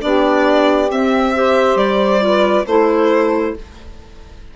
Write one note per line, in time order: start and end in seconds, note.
0.00 0.91 B3
0.00 0.88 D4
0.00 1.35 G4
0.00 0.90 D5
0.90 1.34 C4
0.90 1.76 C4
0.90 1.77 E5
1.35 2.20 G4
1.35 2.25 C5
1.76 2.64 G3
1.76 2.65 D5
2.20 2.64 F4
2.20 2.66 B4
2.66 3.55 A3
2.66 3.56 E4
2.66 3.54 A4
2.66 3.55 C5